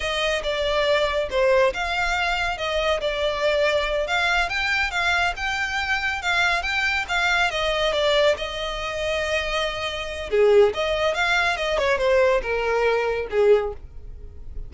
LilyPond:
\new Staff \with { instrumentName = "violin" } { \time 4/4 \tempo 4 = 140 dis''4 d''2 c''4 | f''2 dis''4 d''4~ | d''4. f''4 g''4 f''8~ | f''8 g''2 f''4 g''8~ |
g''8 f''4 dis''4 d''4 dis''8~ | dis''1 | gis'4 dis''4 f''4 dis''8 cis''8 | c''4 ais'2 gis'4 | }